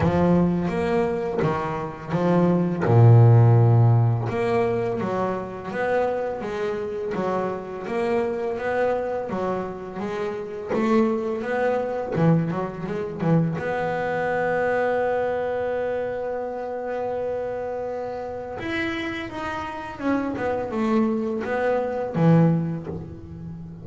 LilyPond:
\new Staff \with { instrumentName = "double bass" } { \time 4/4 \tempo 4 = 84 f4 ais4 dis4 f4 | ais,2 ais4 fis4 | b4 gis4 fis4 ais4 | b4 fis4 gis4 a4 |
b4 e8 fis8 gis8 e8 b4~ | b1~ | b2 e'4 dis'4 | cis'8 b8 a4 b4 e4 | }